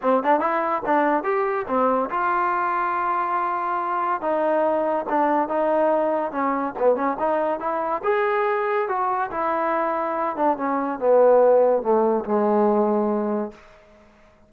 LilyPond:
\new Staff \with { instrumentName = "trombone" } { \time 4/4 \tempo 4 = 142 c'8 d'8 e'4 d'4 g'4 | c'4 f'2.~ | f'2 dis'2 | d'4 dis'2 cis'4 |
b8 cis'8 dis'4 e'4 gis'4~ | gis'4 fis'4 e'2~ | e'8 d'8 cis'4 b2 | a4 gis2. | }